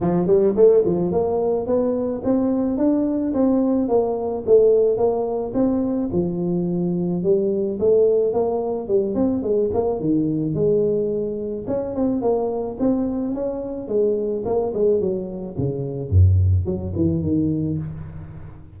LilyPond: \new Staff \with { instrumentName = "tuba" } { \time 4/4 \tempo 4 = 108 f8 g8 a8 f8 ais4 b4 | c'4 d'4 c'4 ais4 | a4 ais4 c'4 f4~ | f4 g4 a4 ais4 |
g8 c'8 gis8 ais8 dis4 gis4~ | gis4 cis'8 c'8 ais4 c'4 | cis'4 gis4 ais8 gis8 fis4 | cis4 fis,4 fis8 e8 dis4 | }